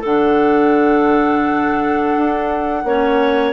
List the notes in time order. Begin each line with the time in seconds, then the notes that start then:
0.00 D3 D4 A4 F#5
2.16 D4
2.84 A#3 C#4 C#5